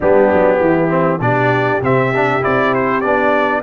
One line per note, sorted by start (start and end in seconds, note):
0.00 0.32 G3
0.00 0.89 B3
0.00 0.59 D4
0.00 1.21 G4
0.32 0.60 F#3
0.60 1.20 E3
0.60 1.21 E4
0.89 1.19 C4
1.20 1.81 B2
1.20 1.81 D4
1.20 3.62 G4
1.20 1.81 D5
1.81 2.42 C3
1.81 2.13 C4
1.81 2.43 E5
2.14 2.41 D4
2.41 3.04 C4
2.41 3.02 E4
2.41 2.74 D5
2.74 3.00 C5
3.00 3.62 B3
3.00 3.62 D4
3.00 3.61 D5